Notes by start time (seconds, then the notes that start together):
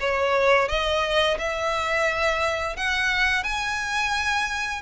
0.00 C#5
0.69 D#5
1.38 E5
2.76 F#5
3.44 G#5